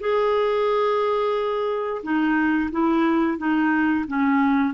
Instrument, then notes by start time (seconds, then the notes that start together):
clarinet
0.00 G#4
2.03 D#4
2.72 E4
3.38 D#4
4.08 C#4